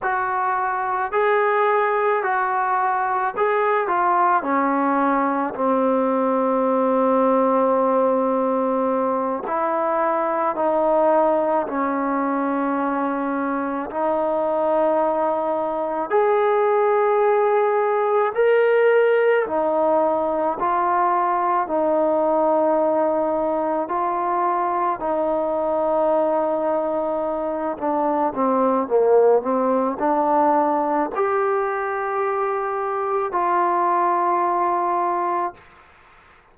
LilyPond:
\new Staff \with { instrumentName = "trombone" } { \time 4/4 \tempo 4 = 54 fis'4 gis'4 fis'4 gis'8 f'8 | cis'4 c'2.~ | c'8 e'4 dis'4 cis'4.~ | cis'8 dis'2 gis'4.~ |
gis'8 ais'4 dis'4 f'4 dis'8~ | dis'4. f'4 dis'4.~ | dis'4 d'8 c'8 ais8 c'8 d'4 | g'2 f'2 | }